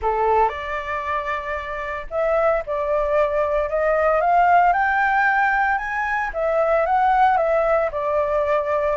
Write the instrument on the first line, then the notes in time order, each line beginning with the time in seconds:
flute
0.01 A4
0.49 D5
2.10 E5
2.66 D5
3.69 D#5
4.20 F5
4.72 G5
5.78 G#5
6.33 E5
6.85 F#5
7.37 E5
7.91 D5